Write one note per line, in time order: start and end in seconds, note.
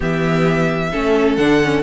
0.00 0.93 E3
0.00 0.91 B3
0.00 0.90 G4
0.00 1.36 E5
0.92 1.37 A3
0.92 1.38 C#4
0.92 1.83 A4
1.36 1.83 D3
1.36 1.61 D4
1.36 1.82 F#5
1.63 1.83 C#4